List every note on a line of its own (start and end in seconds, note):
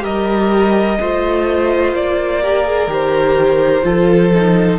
0.00 0.99 G3
0.00 0.95 G4
0.00 0.98 A#4
0.00 1.95 D#5
1.00 1.94 A3
1.00 2.42 F4
1.00 2.42 C5
1.94 2.87 A#3
1.94 2.91 D5
2.42 2.65 G4
2.42 3.85 A#4
2.65 2.88 G#4
2.87 3.82 D#3
2.87 3.83 G4
2.87 4.79 C5
3.83 4.79 F3
3.83 4.31 F4
3.83 4.79 A4
4.35 4.79 D#4